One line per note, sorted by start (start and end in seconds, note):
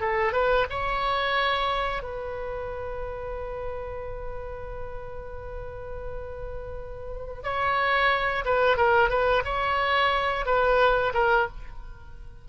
0.00 0.32 A4
0.32 0.66 B4
0.70 2.03 C#5
2.03 7.42 B4
7.43 8.44 C#5
8.45 8.77 B4
8.77 9.09 A#4
9.09 9.43 B4
9.44 10.45 C#5
10.45 11.13 B4
11.13 11.47 A#4